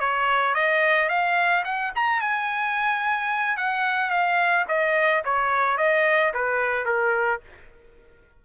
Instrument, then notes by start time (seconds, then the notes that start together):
trumpet
0.00 C#5
0.55 D#5
1.09 F5
1.65 F#5
1.96 A#5
2.21 G#5
3.57 F#5
4.11 F5
4.68 D#5
5.25 C#5
5.78 D#5
6.34 B4
6.86 A#4